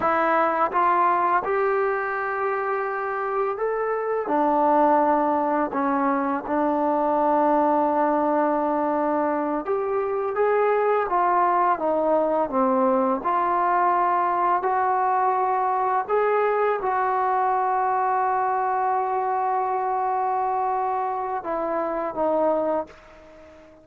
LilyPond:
\new Staff \with { instrumentName = "trombone" } { \time 4/4 \tempo 4 = 84 e'4 f'4 g'2~ | g'4 a'4 d'2 | cis'4 d'2.~ | d'4. g'4 gis'4 f'8~ |
f'8 dis'4 c'4 f'4.~ | f'8 fis'2 gis'4 fis'8~ | fis'1~ | fis'2 e'4 dis'4 | }